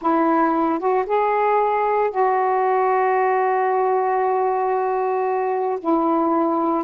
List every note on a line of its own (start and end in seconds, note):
0.01 0.79 E4
0.79 1.05 F#4
1.06 2.11 G#4
2.11 5.79 F#4
5.79 6.84 E4